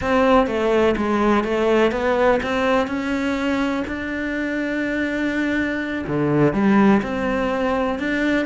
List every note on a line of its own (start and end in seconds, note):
0.01 0.47 C4
0.47 0.95 A3
0.96 1.44 G#3
1.44 1.91 A3
1.91 2.40 B3
2.42 2.87 C4
2.87 3.84 C#4
3.87 6.04 D4
6.07 6.53 D3
6.53 7.01 G3
7.02 7.99 C4
7.99 8.46 D4